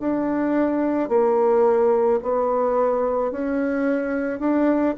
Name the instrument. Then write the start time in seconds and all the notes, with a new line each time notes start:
bassoon
0.00 D4
1.09 A#3
2.22 B3
3.31 C#4
4.39 D4